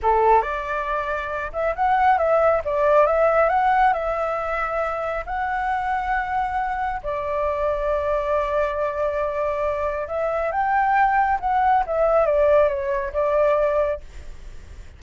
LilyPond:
\new Staff \with { instrumentName = "flute" } { \time 4/4 \tempo 4 = 137 a'4 d''2~ d''8 e''8 | fis''4 e''4 d''4 e''4 | fis''4 e''2. | fis''1 |
d''1~ | d''2. e''4 | g''2 fis''4 e''4 | d''4 cis''4 d''2 | }